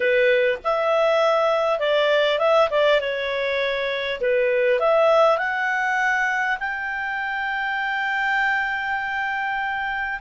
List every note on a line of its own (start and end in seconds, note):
0.00 0.58 B4
0.64 1.79 E5
1.79 2.38 D5
2.38 2.68 E5
2.70 3.00 D5
3.00 4.20 C#5
4.20 4.79 B4
4.79 5.38 E5
5.38 6.58 F#5
6.59 10.19 G5